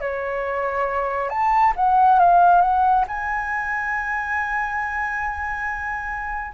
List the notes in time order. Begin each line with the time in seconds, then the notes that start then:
0.00 C#5
1.29 A5
1.75 F#5
2.19 F5
2.61 F#5
3.07 G#5